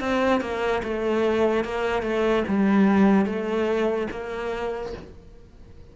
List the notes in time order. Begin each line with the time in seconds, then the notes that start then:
0.00 C4
0.41 A#3
0.83 A3
1.64 A#3
2.02 A3
2.48 G3
3.25 A3
4.11 A#3